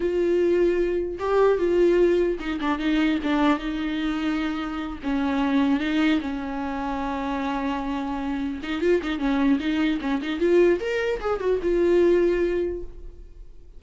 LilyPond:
\new Staff \with { instrumentName = "viola" } { \time 4/4 \tempo 4 = 150 f'2. g'4 | f'2 dis'8 d'8 dis'4 | d'4 dis'2.~ | dis'8 cis'2 dis'4 cis'8~ |
cis'1~ | cis'4. dis'8 f'8 dis'8 cis'4 | dis'4 cis'8 dis'8 f'4 ais'4 | gis'8 fis'8 f'2. | }